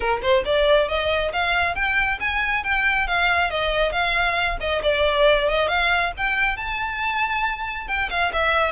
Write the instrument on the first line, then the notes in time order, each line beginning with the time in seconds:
violin
0.00 A#4
0.22 C5
0.45 D5
0.88 D#5
1.32 F5
1.75 G5
2.20 G#5
2.63 G5
3.07 F5
3.50 D#5
3.92 F5
4.60 D#5
4.83 D5
5.48 D#5
5.68 F5
6.17 G5
6.57 A5
7.87 G5
8.10 F5
8.33 E5